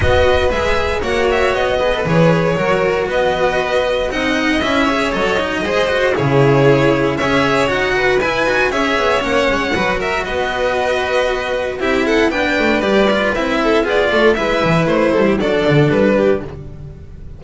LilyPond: <<
  \new Staff \with { instrumentName = "violin" } { \time 4/4 \tempo 4 = 117 dis''4 e''4 fis''8 e''8 dis''4 | cis''2 dis''2 | fis''4 e''4 dis''2 | cis''2 e''4 fis''4 |
gis''4 e''4 fis''4. e''8 | dis''2. e''8 fis''8 | g''4 d''4 e''4 d''4 | e''4 c''4 d''4 b'4 | }
  \new Staff \with { instrumentName = "violin" } { \time 4/4 b'2 cis''4. b'8~ | b'4 ais'4 b'2 | dis''4. cis''4. c''4 | gis'2 cis''4. b'8~ |
b'4 cis''2 b'8 ais'8 | b'2. g'8 a'8 | b'2~ b'8 a'8 gis'8 a'8 | b'4. a'16 g'16 a'4. g'8 | }
  \new Staff \with { instrumentName = "cello" } { \time 4/4 fis'4 gis'4 fis'4. gis'16 a'16 | gis'4 fis'2. | dis'4 e'8 gis'8 a'8 dis'8 gis'8 fis'8 | e'2 gis'4 fis'4 |
e'8 fis'8 gis'4 cis'4 fis'4~ | fis'2. e'4 | d'4 g'8 f'8 e'4 f'4 | e'2 d'2 | }
  \new Staff \with { instrumentName = "double bass" } { \time 4/4 b4 gis4 ais4 b4 | e4 fis4 b2 | c'4 cis'4 fis4 gis4 | cis2 cis'4 dis'4 |
e'8 dis'8 cis'8 b8 ais8 gis8 fis4 | b2. c'4 | b8 a8 g4 c'4 b8 a8 | gis8 e8 a8 g8 fis8 d8 g4 | }
>>